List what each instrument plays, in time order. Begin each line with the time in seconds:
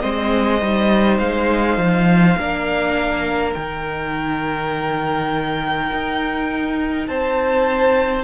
0.00 cello G#3, viola C4, violin C5 D#5
0.62 cello G3, viola D#4
1.18 cello G#3, violin F5
1.77 cello F3
2.37 cello A#3, viola D4, violin A#4
3.54 cello D#3, viola D#4, violin G5
5.92 cello D#4
7.07 cello C4, violin C5 A5